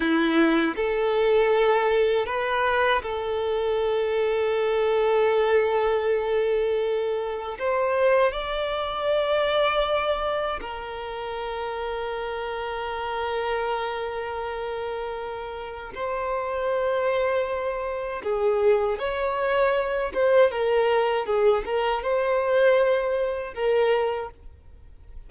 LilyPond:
\new Staff \with { instrumentName = "violin" } { \time 4/4 \tempo 4 = 79 e'4 a'2 b'4 | a'1~ | a'2 c''4 d''4~ | d''2 ais'2~ |
ais'1~ | ais'4 c''2. | gis'4 cis''4. c''8 ais'4 | gis'8 ais'8 c''2 ais'4 | }